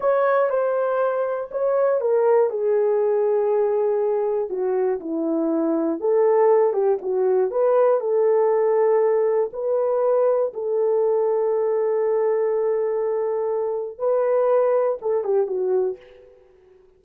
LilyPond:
\new Staff \with { instrumentName = "horn" } { \time 4/4 \tempo 4 = 120 cis''4 c''2 cis''4 | ais'4 gis'2.~ | gis'4 fis'4 e'2 | a'4. g'8 fis'4 b'4 |
a'2. b'4~ | b'4 a'2.~ | a'1 | b'2 a'8 g'8 fis'4 | }